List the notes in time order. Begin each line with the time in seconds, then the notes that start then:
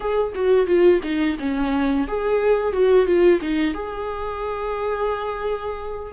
0.00 G#4
0.34 F#4
0.66 F4
1.03 D#4
1.39 C#4
2.07 G#4
2.72 F#4
3.06 F4
3.41 D#4
3.74 G#4